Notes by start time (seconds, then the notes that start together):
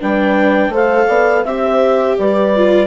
0.00 G3 D4 B4 G5
0.69 A3 A4 C5
0.75 F5
1.07 B3 D5
1.45 C4 G4 E5
1.65 C5
2.17 G3 B4 D5
2.56 F4